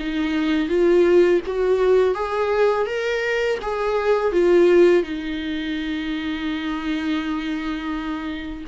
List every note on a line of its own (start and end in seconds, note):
0.00 0.69 D#4
0.69 1.41 F4
1.47 2.15 F#4
2.15 2.87 G#4
2.87 3.59 A#4
3.62 4.32 G#4
4.32 5.03 F4
5.03 8.65 D#4